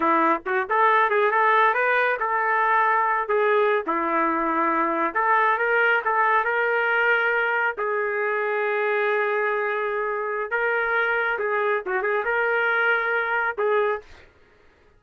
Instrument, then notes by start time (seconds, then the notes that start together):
trumpet
0.00 E4
0.46 F#4
0.69 A4
1.10 G#4
1.31 A4
1.74 B4
2.19 A4
3.28 G#4
3.86 E4
5.14 A4
5.58 A#4
6.04 A4
6.44 A#4
7.77 G#4
10.50 A#4
11.38 G#4
11.86 F#4
12.02 G#4
12.24 A#4
13.58 G#4